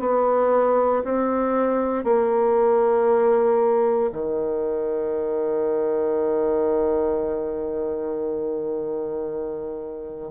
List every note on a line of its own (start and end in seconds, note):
0.00 1.03 B3
1.04 2.04 C4
2.04 4.11 A#3
4.13 10.32 D#3